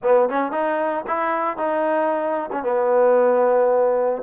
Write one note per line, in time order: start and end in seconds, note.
0.02 0.29 B3
0.29 0.51 C#4
0.51 1.04 D#4
1.07 1.57 E4
1.57 2.50 D#4
2.51 2.63 C#4
2.63 4.22 B3